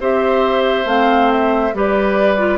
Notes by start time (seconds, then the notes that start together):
0.00 C4 G4 C5 E5
0.85 A3 C4 F5
1.32 E5
1.74 G3 G4 B4 D5
2.38 F4